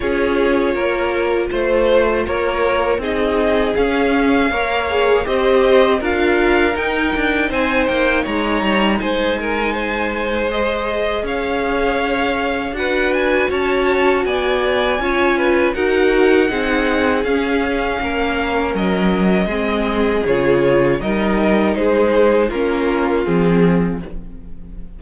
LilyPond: <<
  \new Staff \with { instrumentName = "violin" } { \time 4/4 \tempo 4 = 80 cis''2 c''4 cis''4 | dis''4 f''2 dis''4 | f''4 g''4 gis''8 g''8 ais''4 | gis''2 dis''4 f''4~ |
f''4 fis''8 gis''8 a''4 gis''4~ | gis''4 fis''2 f''4~ | f''4 dis''2 cis''4 | dis''4 c''4 ais'4 gis'4 | }
  \new Staff \with { instrumentName = "violin" } { \time 4/4 gis'4 ais'4 c''4 ais'4 | gis'2 cis''4 c''4 | ais'2 c''4 cis''4 | c''8 ais'8 c''2 cis''4~ |
cis''4 b'4 cis''4 d''4 | cis''8 b'8 ais'4 gis'2 | ais'2 gis'2 | ais'4 gis'4 f'2 | }
  \new Staff \with { instrumentName = "viola" } { \time 4/4 f'1 | dis'4 cis'4 ais'8 gis'8 g'4 | f'4 dis'2.~ | dis'2 gis'2~ |
gis'4 fis'2. | f'4 fis'4 dis'4 cis'4~ | cis'2 c'4 f'4 | dis'2 cis'4 c'4 | }
  \new Staff \with { instrumentName = "cello" } { \time 4/4 cis'4 ais4 a4 ais4 | c'4 cis'4 ais4 c'4 | d'4 dis'8 d'8 c'8 ais8 gis8 g8 | gis2. cis'4~ |
cis'4 d'4 cis'4 b4 | cis'4 dis'4 c'4 cis'4 | ais4 fis4 gis4 cis4 | g4 gis4 ais4 f4 | }
>>